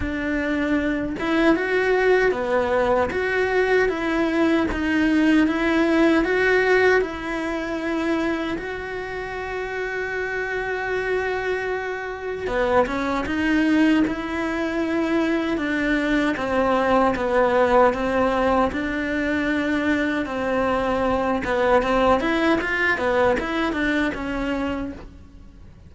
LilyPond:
\new Staff \with { instrumentName = "cello" } { \time 4/4 \tempo 4 = 77 d'4. e'8 fis'4 b4 | fis'4 e'4 dis'4 e'4 | fis'4 e'2 fis'4~ | fis'1 |
b8 cis'8 dis'4 e'2 | d'4 c'4 b4 c'4 | d'2 c'4. b8 | c'8 e'8 f'8 b8 e'8 d'8 cis'4 | }